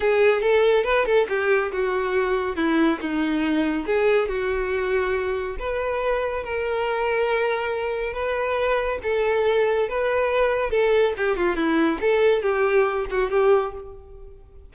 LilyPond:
\new Staff \with { instrumentName = "violin" } { \time 4/4 \tempo 4 = 140 gis'4 a'4 b'8 a'8 g'4 | fis'2 e'4 dis'4~ | dis'4 gis'4 fis'2~ | fis'4 b'2 ais'4~ |
ais'2. b'4~ | b'4 a'2 b'4~ | b'4 a'4 g'8 f'8 e'4 | a'4 g'4. fis'8 g'4 | }